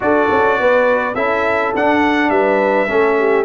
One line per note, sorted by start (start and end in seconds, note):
0.00 0.29 D4
0.00 1.14 F#4
0.00 0.59 A4
0.00 1.14 D5
0.31 0.59 C#4
0.59 1.15 B3
0.59 1.14 B4
1.14 1.73 C#4
1.14 1.74 E4
1.14 2.30 A4
1.14 1.72 E5
1.74 2.29 D4
1.74 2.87 D4
1.74 2.30 F#5
2.29 2.87 G3
2.29 2.88 B4
2.29 3.44 E5
2.87 3.44 A3
2.87 3.44 C#4
2.87 3.17 A4
3.18 3.44 G4